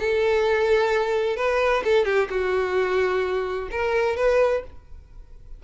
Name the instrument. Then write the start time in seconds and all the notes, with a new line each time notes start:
violin
0.00 A4
1.37 B4
1.85 A4
2.06 G4
2.30 F#4
3.71 A#4
4.17 B4